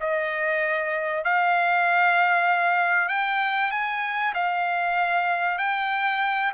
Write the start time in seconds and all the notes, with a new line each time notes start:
0.00 D#5
1.24 F5
3.09 G5
3.71 G#5
4.34 F5
5.58 G5